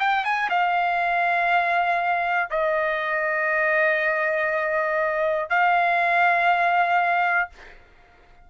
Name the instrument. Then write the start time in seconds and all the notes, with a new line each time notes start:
trumpet
0.00 G5
0.25 G#5
0.50 F5
2.50 D#5
5.50 F5